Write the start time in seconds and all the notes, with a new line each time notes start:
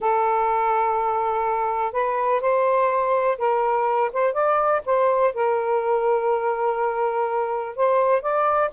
0.00 A4
1.92 B4
2.40 C5
3.38 A#4
4.12 C5
4.33 D5
4.85 C5
5.34 A#4
7.76 C5
8.21 D5